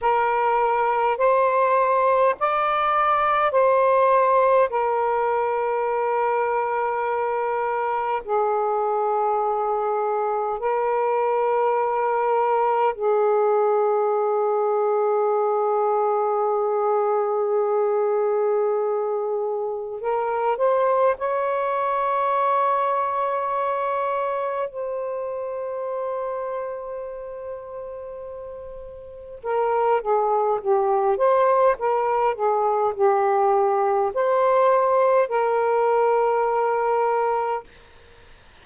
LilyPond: \new Staff \with { instrumentName = "saxophone" } { \time 4/4 \tempo 4 = 51 ais'4 c''4 d''4 c''4 | ais'2. gis'4~ | gis'4 ais'2 gis'4~ | gis'1~ |
gis'4 ais'8 c''8 cis''2~ | cis''4 c''2.~ | c''4 ais'8 gis'8 g'8 c''8 ais'8 gis'8 | g'4 c''4 ais'2 | }